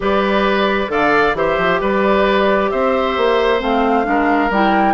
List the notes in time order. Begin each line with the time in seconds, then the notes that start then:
0.00 G3 G4 B4 D5
0.88 D3 A4 D5 F5
1.34 E3 G4 C5 E5
1.57 F3
1.81 G3 B4 D5
2.70 C4 C5 E5
3.17 A#3
3.59 A3 C4 F5
4.04 G#3 D4 A#4
4.50 G3 E4 G5